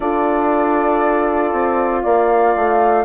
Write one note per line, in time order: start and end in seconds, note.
0.00 1.52 D4
0.00 3.05 F4
0.00 2.02 A4
0.00 2.01 D5
1.52 2.03 C4
2.03 2.55 A#3
2.03 3.04 D5
2.03 3.05 F5
2.55 3.05 A3